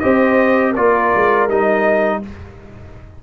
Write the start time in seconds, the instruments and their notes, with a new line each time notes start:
0.00 tuba C4, trombone G4, horn C5, trumpet D#5
0.71 tuba A#3, trombone F4, horn A#4, trumpet D5
1.16 tuba G#3
1.48 tuba G3, trombone D#4, trumpet D#5